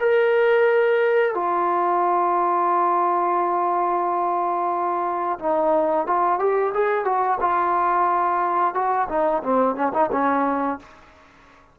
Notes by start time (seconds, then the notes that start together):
0.00 A#4
1.34 F4
5.39 D#4
6.07 F4
6.39 G4
6.74 G#4
7.04 F#4
7.40 F4
8.74 F#4
9.09 D#4
9.43 C4
9.75 C#4
9.93 D#4
10.12 C#4